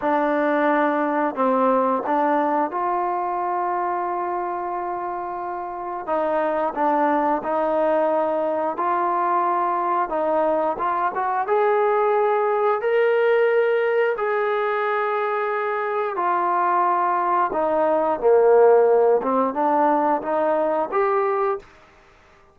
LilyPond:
\new Staff \with { instrumentName = "trombone" } { \time 4/4 \tempo 4 = 89 d'2 c'4 d'4 | f'1~ | f'4 dis'4 d'4 dis'4~ | dis'4 f'2 dis'4 |
f'8 fis'8 gis'2 ais'4~ | ais'4 gis'2. | f'2 dis'4 ais4~ | ais8 c'8 d'4 dis'4 g'4 | }